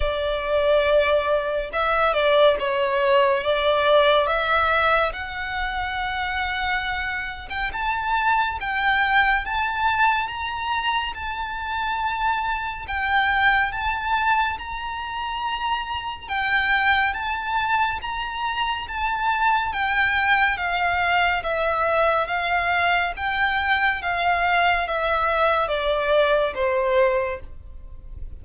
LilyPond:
\new Staff \with { instrumentName = "violin" } { \time 4/4 \tempo 4 = 70 d''2 e''8 d''8 cis''4 | d''4 e''4 fis''2~ | fis''8. g''16 a''4 g''4 a''4 | ais''4 a''2 g''4 |
a''4 ais''2 g''4 | a''4 ais''4 a''4 g''4 | f''4 e''4 f''4 g''4 | f''4 e''4 d''4 c''4 | }